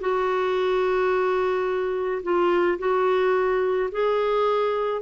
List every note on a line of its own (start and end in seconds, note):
0.00 2.22 F#4
2.23 2.78 F4
2.79 3.90 F#4
3.91 5.02 G#4